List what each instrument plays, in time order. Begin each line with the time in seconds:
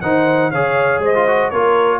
0.00 tuba D#3, trombone D#4, horn C5, trumpet F#5
0.51 tuba C#3, trombone G#4, horn C#5, trumpet F5
0.98 tuba G#3, horn C5, trumpet D#5
1.15 trombone F4
1.27 trombone F#4
1.50 tuba A#3, trombone F4, horn A#4, trumpet C#5